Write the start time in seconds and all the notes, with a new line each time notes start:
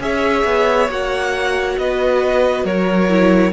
0.00 C#4 G#4 C#5 E5
0.45 B3
0.89 A#3 F#4 F#5
1.78 B3 B4 D#5
2.65 F#3 A#4 C#5
3.10 E4